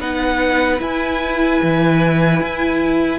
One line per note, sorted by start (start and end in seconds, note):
0.00 0.80 B3
0.00 0.78 D#4
0.00 3.19 B4
0.00 0.80 F#5
0.78 3.18 E4
0.78 1.61 E4
0.78 3.19 G#5
1.62 2.41 E3
2.41 3.19 E4